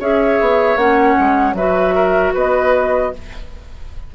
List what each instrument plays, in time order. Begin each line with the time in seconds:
0.00 bassoon C#4, clarinet G#4, oboe C#5, flute E5
0.41 bassoon B3
0.76 bassoon A#3, clarinet C#4, flute F#5
1.19 bassoon G#3
1.54 bassoon F#3, clarinet F#4, oboe B4, flute E5
1.95 oboe A#4
2.34 bassoon B3, oboe B4, flute D#5